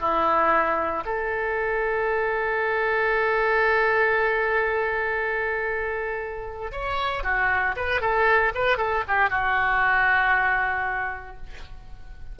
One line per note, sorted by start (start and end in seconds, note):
0.00 1.03 E4
1.05 6.71 A4
6.71 7.23 C#5
7.23 7.75 F#4
7.76 8.01 B4
8.01 8.52 A4
8.54 8.77 B4
8.77 9.03 A4
9.08 9.29 G4
9.29 11.36 F#4